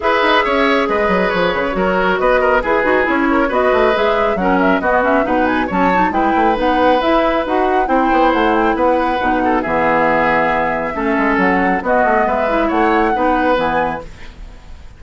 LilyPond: <<
  \new Staff \with { instrumentName = "flute" } { \time 4/4 \tempo 4 = 137 e''2 dis''4 cis''4~ | cis''4 dis''4 b'4 cis''4 | dis''4 e''4 fis''8 e''8 dis''8 e''8 | fis''8 gis''8 a''4 g''4 fis''4 |
e''4 fis''4 g''4 fis''8 g''8 | fis''2 e''2~ | e''2 fis''4 dis''4 | e''4 fis''2 gis''4 | }
  \new Staff \with { instrumentName = "oboe" } { \time 4/4 b'4 cis''4 b'2 | ais'4 b'8 ais'8 gis'4. ais'8 | b'2 ais'4 fis'4 | b'4 cis''4 b'2~ |
b'2 c''2 | b'4. a'8 gis'2~ | gis'4 a'2 fis'4 | b'4 cis''4 b'2 | }
  \new Staff \with { instrumentName = "clarinet" } { \time 4/4 gis'1 | fis'2 gis'8 fis'8 e'4 | fis'4 gis'4 cis'4 b8 cis'8 | dis'4 cis'8 dis'8 e'4 dis'4 |
e'4 fis'4 e'2~ | e'4 dis'4 b2~ | b4 cis'2 b4~ | b8 e'4. dis'4 b4 | }
  \new Staff \with { instrumentName = "bassoon" } { \time 4/4 e'8 dis'8 cis'4 gis8 fis8 f8 cis8 | fis4 b4 e'8 dis'8 cis'4 | b8 a8 gis4 fis4 b4 | b,4 fis4 gis8 a8 b4 |
e'4 dis'4 c'8 b8 a4 | b4 b,4 e2~ | e4 a8 gis8 fis4 b8 a8 | gis4 a4 b4 e4 | }
>>